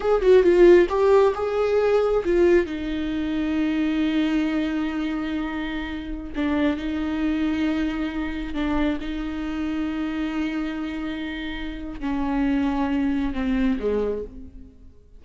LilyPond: \new Staff \with { instrumentName = "viola" } { \time 4/4 \tempo 4 = 135 gis'8 fis'8 f'4 g'4 gis'4~ | gis'4 f'4 dis'2~ | dis'1~ | dis'2~ dis'16 d'4 dis'8.~ |
dis'2.~ dis'16 d'8.~ | d'16 dis'2.~ dis'8.~ | dis'2. cis'4~ | cis'2 c'4 gis4 | }